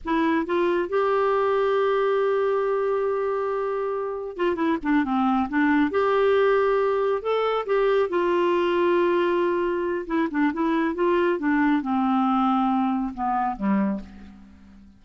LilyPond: \new Staff \with { instrumentName = "clarinet" } { \time 4/4 \tempo 4 = 137 e'4 f'4 g'2~ | g'1~ | g'2 f'8 e'8 d'8 c'8~ | c'8 d'4 g'2~ g'8~ |
g'8 a'4 g'4 f'4.~ | f'2. e'8 d'8 | e'4 f'4 d'4 c'4~ | c'2 b4 g4 | }